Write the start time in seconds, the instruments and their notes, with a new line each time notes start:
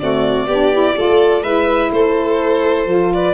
0.00 saxophone A3, tuba C4, violin F#4 D5
0.47 tuba B3, saxophone D4, violin G4
0.73 saxophone E4
0.96 tuba A3, saxophone F4, violin A4
1.42 tuba G#3, saxophone E4, violin B4 E5
1.92 tuba A3, violin A4 C5
2.86 tuba F3, saxophone F4
3.14 violin B4 D5